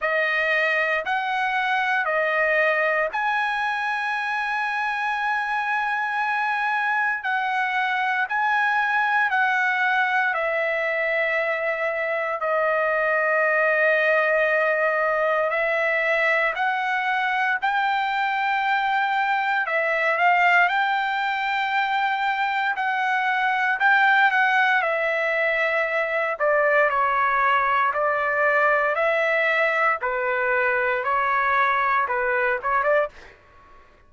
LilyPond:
\new Staff \with { instrumentName = "trumpet" } { \time 4/4 \tempo 4 = 58 dis''4 fis''4 dis''4 gis''4~ | gis''2. fis''4 | gis''4 fis''4 e''2 | dis''2. e''4 |
fis''4 g''2 e''8 f''8 | g''2 fis''4 g''8 fis''8 | e''4. d''8 cis''4 d''4 | e''4 b'4 cis''4 b'8 cis''16 d''16 | }